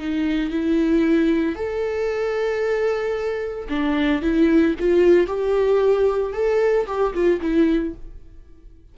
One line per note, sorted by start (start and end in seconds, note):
0.00 0.51 D#4
0.51 1.56 E4
1.56 3.68 A4
3.70 4.22 D4
4.22 4.75 E4
4.80 5.27 F4
5.27 6.34 G4
6.34 6.87 A4
6.87 7.14 G4
7.14 7.41 F4
7.42 7.95 E4